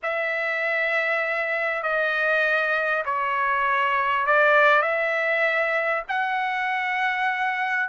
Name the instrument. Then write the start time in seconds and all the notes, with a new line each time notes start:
trumpet
0.02 E5
1.83 D#5
3.05 C#5
4.26 D5
4.82 E5
6.08 F#5